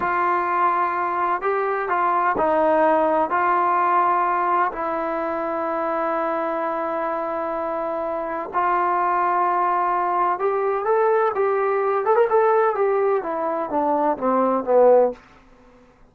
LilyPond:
\new Staff \with { instrumentName = "trombone" } { \time 4/4 \tempo 4 = 127 f'2. g'4 | f'4 dis'2 f'4~ | f'2 e'2~ | e'1~ |
e'2 f'2~ | f'2 g'4 a'4 | g'4. a'16 ais'16 a'4 g'4 | e'4 d'4 c'4 b4 | }